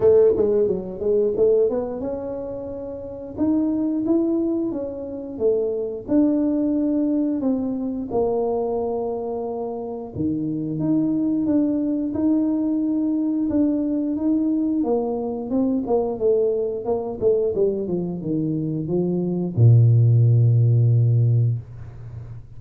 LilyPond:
\new Staff \with { instrumentName = "tuba" } { \time 4/4 \tempo 4 = 89 a8 gis8 fis8 gis8 a8 b8 cis'4~ | cis'4 dis'4 e'4 cis'4 | a4 d'2 c'4 | ais2. dis4 |
dis'4 d'4 dis'2 | d'4 dis'4 ais4 c'8 ais8 | a4 ais8 a8 g8 f8 dis4 | f4 ais,2. | }